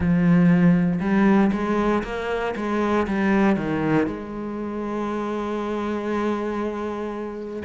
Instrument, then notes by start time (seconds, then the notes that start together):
cello
0.00 F3
1.00 G3
1.52 G#3
2.03 A#3
2.56 G#3
3.07 G3
3.56 D#3
4.07 G#3